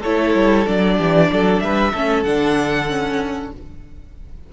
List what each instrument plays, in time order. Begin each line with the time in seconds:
0.00 cello A3, viola E4, violin A4 C#5
0.34 cello G3
0.67 cello F#3, viola D4, violin D5
0.98 cello E3, violin G4
1.32 cello F#3, violin A4
1.60 cello G3, violin B4 E5
1.93 cello A3, viola C#4, violin A4
2.23 cello D3, viola D4, violin F#5
2.89 viola C#4